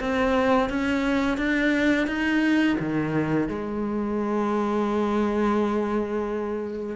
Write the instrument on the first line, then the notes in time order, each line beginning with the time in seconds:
cello
0.00 C4
0.70 C#4
1.38 D4
2.07 D#4
2.80 D#3
3.49 G#3